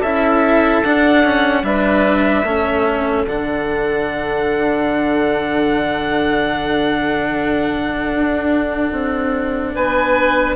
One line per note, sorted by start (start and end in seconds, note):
0.00 0.83 C#4
0.00 0.84 E4
0.00 1.62 A4
0.00 0.84 E5
0.84 1.63 D4
0.84 1.25 D4
0.84 1.65 F#5
1.25 1.64 C#4
1.63 2.44 G3
1.63 2.45 D4
1.63 2.47 B4
1.63 3.27 E5
2.44 3.25 A3
2.44 3.27 C#4
2.44 9.76 A4
3.27 8.13 D3
3.27 10.56 D4
3.27 9.75 F#5
8.16 8.92 D4
8.92 9.73 C4
9.75 10.56 B3
9.75 10.56 B4
9.75 10.56 G#5